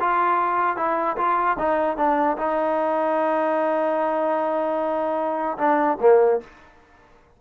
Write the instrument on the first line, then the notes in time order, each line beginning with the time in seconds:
trombone
0.00 F4
0.77 E4
1.17 F4
1.59 D#4
1.97 D4
2.37 D#4
5.58 D4
6.01 A#3